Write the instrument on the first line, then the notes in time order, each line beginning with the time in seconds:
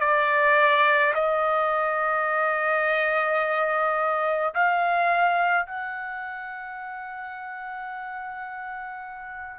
trumpet
0.00 D5
1.14 D#5
4.54 F5
5.67 F#5